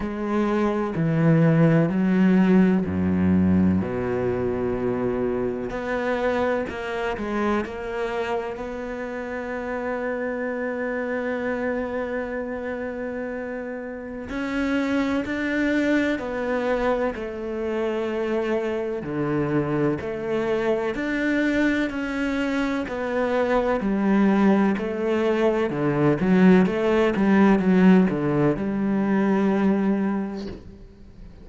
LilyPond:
\new Staff \with { instrumentName = "cello" } { \time 4/4 \tempo 4 = 63 gis4 e4 fis4 fis,4 | b,2 b4 ais8 gis8 | ais4 b2.~ | b2. cis'4 |
d'4 b4 a2 | d4 a4 d'4 cis'4 | b4 g4 a4 d8 fis8 | a8 g8 fis8 d8 g2 | }